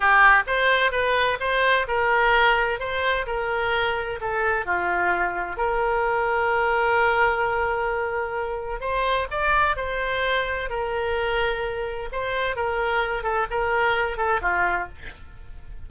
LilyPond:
\new Staff \with { instrumentName = "oboe" } { \time 4/4 \tempo 4 = 129 g'4 c''4 b'4 c''4 | ais'2 c''4 ais'4~ | ais'4 a'4 f'2 | ais'1~ |
ais'2. c''4 | d''4 c''2 ais'4~ | ais'2 c''4 ais'4~ | ais'8 a'8 ais'4. a'8 f'4 | }